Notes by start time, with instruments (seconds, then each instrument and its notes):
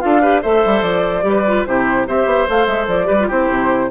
0.00 bassoon D4, clarinet F4, oboe A4, flute F5
0.21 clarinet G4, oboe B4
0.41 bassoon A3, clarinet A4, oboe C5, flute E5
0.65 bassoon G3
0.82 bassoon F3, flute D5
1.22 bassoon G3, clarinet G4
1.29 oboe B4
1.46 clarinet F4
1.66 bassoon C3, clarinet E4, oboe G4, flute C5
2.07 bassoon C4, clarinet G4, oboe C5, flute E5
2.25 bassoon B3
2.47 bassoon A3, clarinet A4, flute F5
2.66 bassoon G#3, flute E5
2.87 bassoon F3, flute D5
3.05 bassoon G3, clarinet G4, oboe B4
3.19 clarinet F4
3.27 bassoon C4, clarinet E4, oboe G4, flute C5
3.49 bassoon C3